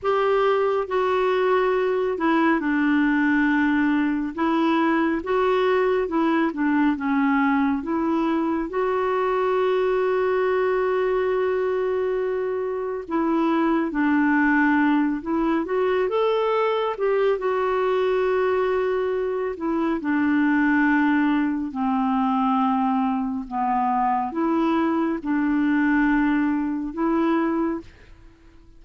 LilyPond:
\new Staff \with { instrumentName = "clarinet" } { \time 4/4 \tempo 4 = 69 g'4 fis'4. e'8 d'4~ | d'4 e'4 fis'4 e'8 d'8 | cis'4 e'4 fis'2~ | fis'2. e'4 |
d'4. e'8 fis'8 a'4 g'8 | fis'2~ fis'8 e'8 d'4~ | d'4 c'2 b4 | e'4 d'2 e'4 | }